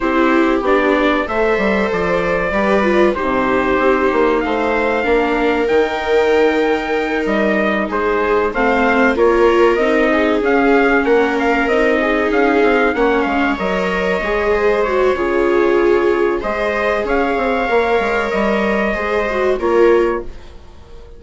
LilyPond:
<<
  \new Staff \with { instrumentName = "trumpet" } { \time 4/4 \tempo 4 = 95 c''4 d''4 e''4 d''4~ | d''4 c''2 f''4~ | f''4 g''2~ g''8 dis''8~ | dis''8 c''4 f''4 cis''4 dis''8~ |
dis''8 f''4 fis''8 f''8 dis''4 f''8~ | f''8 fis''8 f''8 dis''2 cis''8~ | cis''2 dis''4 f''4~ | f''4 dis''2 cis''4 | }
  \new Staff \with { instrumentName = "viola" } { \time 4/4 g'2 c''2 | b'4 g'2 c''4 | ais'1~ | ais'8 gis'4 c''4 ais'4. |
gis'4. ais'4. gis'4~ | gis'8 cis''2~ cis''8 c''4 | gis'2 c''4 cis''4~ | cis''2 c''4 ais'4 | }
  \new Staff \with { instrumentName = "viola" } { \time 4/4 e'4 d'4 a'2 | g'8 f'8 dis'2. | d'4 dis'2.~ | dis'4. c'4 f'4 dis'8~ |
dis'8 cis'2 dis'4.~ | dis'8 cis'4 ais'4 gis'4 fis'8 | f'2 gis'2 | ais'2 gis'8 fis'8 f'4 | }
  \new Staff \with { instrumentName = "bassoon" } { \time 4/4 c'4 b4 a8 g8 f4 | g4 c4 c'8 ais8 a4 | ais4 dis2~ dis8 g8~ | g8 gis4 a4 ais4 c'8~ |
c'8 cis'4 ais4 c'4 cis'8 | c'8 ais8 gis8 fis4 gis4. | cis2 gis4 cis'8 c'8 | ais8 gis8 g4 gis4 ais4 | }
>>